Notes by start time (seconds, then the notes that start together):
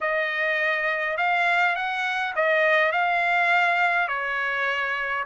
0.00 D#5
1.17 F5
1.75 F#5
2.35 D#5
2.92 F5
4.08 C#5